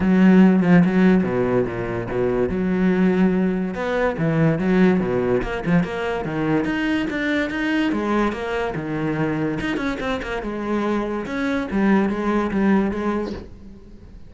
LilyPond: \new Staff \with { instrumentName = "cello" } { \time 4/4 \tempo 4 = 144 fis4. f8 fis4 b,4 | ais,4 b,4 fis2~ | fis4 b4 e4 fis4 | b,4 ais8 f8 ais4 dis4 |
dis'4 d'4 dis'4 gis4 | ais4 dis2 dis'8 cis'8 | c'8 ais8 gis2 cis'4 | g4 gis4 g4 gis4 | }